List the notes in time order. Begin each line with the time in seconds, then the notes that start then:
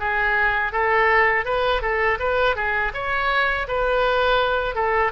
0.00 G#4
0.73 A4
1.46 B4
1.82 A4
2.20 B4
2.56 G#4
2.94 C#5
3.68 B4
4.76 A4